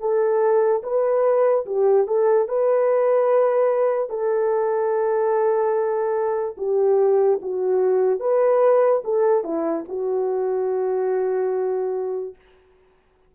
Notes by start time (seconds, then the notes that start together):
0.00 A4
0.83 B4
1.66 G4
2.07 A4
2.48 B4
4.09 A4
6.57 G4
7.42 F#4
8.20 B4
9.04 A4
9.43 E4
9.88 F#4